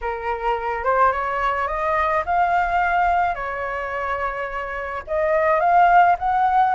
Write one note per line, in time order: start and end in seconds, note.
0.01 0.84 A#4
0.84 1.11 C5
1.11 1.67 C#5
1.67 2.23 D#5
2.25 3.34 F5
3.34 5.02 C#5
5.07 5.60 D#5
5.60 6.16 F5
6.18 6.74 F#5